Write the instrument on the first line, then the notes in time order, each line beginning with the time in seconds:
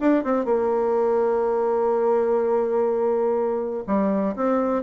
bassoon
0.00 D4
0.24 C4
0.45 A#3
3.87 G3
4.36 C4